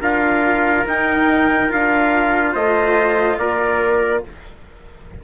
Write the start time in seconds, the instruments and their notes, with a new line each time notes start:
0.00 bassoon D4, cello F4, trumpet A#4 F5
0.86 bassoon D#4, cello D#4, trumpet G5
1.69 bassoon D4, cello F4, trumpet F5
2.53 bassoon A3, trumpet C5 D#5
3.38 bassoon A#3, trumpet A#4 D5